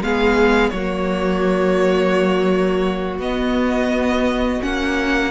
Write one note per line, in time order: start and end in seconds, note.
0.00 0.71 G#3
0.00 0.74 B3
0.00 0.74 G#4
0.00 0.69 F5
0.69 3.18 F#3
0.69 5.31 F#4
0.69 3.16 C#5
0.75 3.21 A#3
3.18 4.59 B3
3.18 4.60 B3
3.18 4.62 D#5
4.60 5.31 A#3
4.60 5.31 C#4
4.60 5.31 F#5